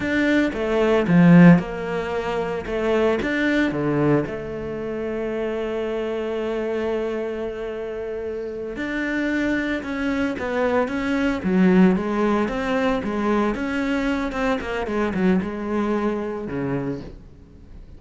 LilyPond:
\new Staff \with { instrumentName = "cello" } { \time 4/4 \tempo 4 = 113 d'4 a4 f4 ais4~ | ais4 a4 d'4 d4 | a1~ | a1~ |
a8 d'2 cis'4 b8~ | b8 cis'4 fis4 gis4 c'8~ | c'8 gis4 cis'4. c'8 ais8 | gis8 fis8 gis2 cis4 | }